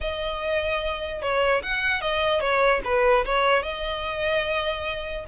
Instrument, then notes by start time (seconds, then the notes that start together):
violin
0.00 D#5
1.21 C#5
1.63 F#5
2.01 D#5
2.40 C#5
2.84 B4
3.25 C#5
3.63 D#5